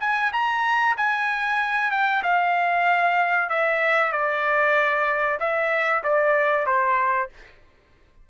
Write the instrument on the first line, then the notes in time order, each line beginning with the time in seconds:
trumpet
0.00 G#5
0.32 A#5
0.97 G#5
1.91 G5
2.23 F5
3.49 E5
4.12 D5
5.40 E5
6.03 D5
6.66 C5